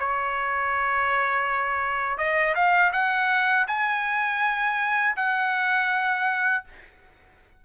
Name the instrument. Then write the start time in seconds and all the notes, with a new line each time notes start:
trumpet
0.00 C#5
2.18 D#5
2.55 F5
2.93 F#5
3.68 G#5
5.16 F#5